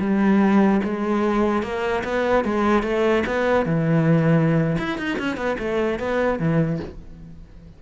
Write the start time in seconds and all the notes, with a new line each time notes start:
0.00 G3
0.84 G#3
1.63 A#3
2.04 B3
2.44 G#3
2.83 A3
3.27 B3
3.66 E3
4.79 E4
4.98 D#4
5.19 C#4
5.37 B3
5.59 A3
5.99 B3
6.39 E3